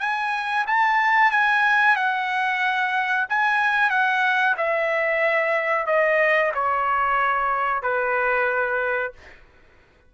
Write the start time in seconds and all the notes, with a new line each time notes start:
0.00 G#5
0.66 A5
1.31 G#5
1.96 F#5
3.29 G#5
3.90 F#5
4.57 E5
5.86 D#5
6.54 C#5
7.82 B4